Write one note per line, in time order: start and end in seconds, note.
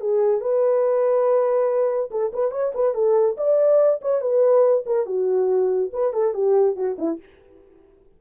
0.00 0.41 G#4
0.41 2.10 B4
2.10 2.32 A4
2.33 2.51 B4
2.51 2.72 C#5
2.74 2.94 B4
2.94 3.36 A4
3.37 4.00 D5
4.01 4.21 C#5
4.21 4.84 B4
4.86 5.06 A#4
5.06 5.90 F#4
5.93 6.13 B4
6.13 6.34 A4
6.34 6.76 G4
6.76 6.97 F#4
6.98 7.19 E4